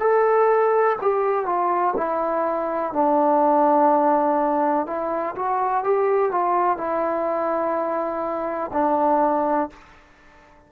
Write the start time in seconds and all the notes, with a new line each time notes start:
0.00 A4
1.02 G4
1.46 F4
1.97 E4
2.93 D4
4.87 E4
5.35 F#4
5.84 G4
6.32 F4
6.77 E4
8.73 D4